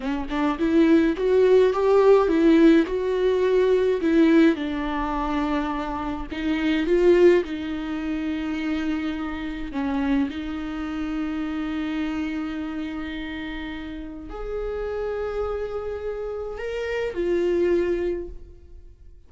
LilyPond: \new Staff \with { instrumentName = "viola" } { \time 4/4 \tempo 4 = 105 cis'8 d'8 e'4 fis'4 g'4 | e'4 fis'2 e'4 | d'2. dis'4 | f'4 dis'2.~ |
dis'4 cis'4 dis'2~ | dis'1~ | dis'4 gis'2.~ | gis'4 ais'4 f'2 | }